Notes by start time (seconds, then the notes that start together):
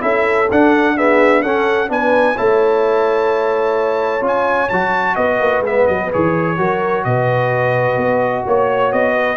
0.00 C#4 E4 A4 E5
0.51 D4 F#5
0.96 B3 G#4 E5
1.42 C#4 A4 F#5
1.88 B3 D4 B4 G#5
2.35 A3 E4 C#5 A5
4.21 C#4 F4 G#5
4.69 F#3 F#4 A5
5.15 B3 B4 D#5
5.40 A#3
5.61 G#3 B3 E5
5.87 F#3 D#5
6.12 E3 G#4 C#5
6.57 F#3 F#4 A#4
7.04 B2 B4 D#5
7.97 B3
8.46 A#3 C#5
8.92 B3 D#5
9.14 B4